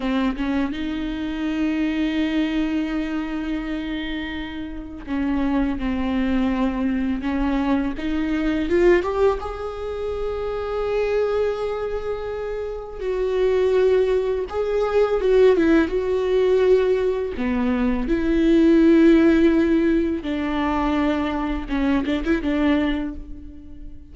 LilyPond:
\new Staff \with { instrumentName = "viola" } { \time 4/4 \tempo 4 = 83 c'8 cis'8 dis'2.~ | dis'2. cis'4 | c'2 cis'4 dis'4 | f'8 g'8 gis'2.~ |
gis'2 fis'2 | gis'4 fis'8 e'8 fis'2 | b4 e'2. | d'2 cis'8 d'16 e'16 d'4 | }